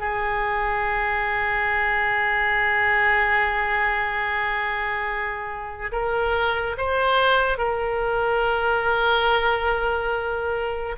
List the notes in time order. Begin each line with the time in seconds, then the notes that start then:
0.00 G#4
5.92 A#4
6.78 C5
7.58 A#4